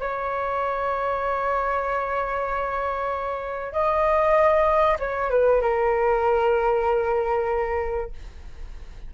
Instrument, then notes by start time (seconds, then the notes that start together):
flute
0.00 C#5
3.73 D#5
5.00 C#5
5.30 B4
5.62 A#4